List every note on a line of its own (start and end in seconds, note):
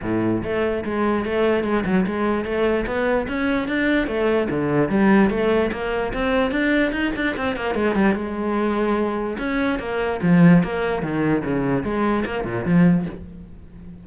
0.01 0.42 A2
0.43 0.84 A3
0.84 1.25 G#3
1.25 1.63 A3
1.63 1.84 G#3
1.85 2.05 F#3
2.06 2.45 G#3
2.45 2.85 A3
2.86 3.27 B3
3.28 3.68 C#4
3.68 4.07 D4
4.07 4.47 A3
4.50 4.89 D3
4.89 5.30 G3
5.30 5.71 A3
5.72 6.13 A#3
6.13 6.51 C4
6.51 6.92 D4
6.92 7.12 D#4
7.15 7.36 D4
7.36 7.56 C4
7.56 7.75 A#3
7.75 7.95 G#3
7.95 8.14 G3
8.14 9.37 G#3
9.38 9.79 C#4
9.79 10.20 A#3
10.22 10.63 F3
10.63 11.02 A#3
11.02 11.43 D#3
11.44 11.83 C#3
11.83 12.24 G#3
12.25 12.44 A#3
12.44 12.64 A#2
12.65 13.06 F3